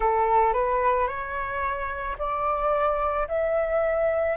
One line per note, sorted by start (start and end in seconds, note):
0.00 0.53 A4
0.53 1.07 B4
1.07 2.16 C#5
2.18 3.27 D5
3.27 4.36 E5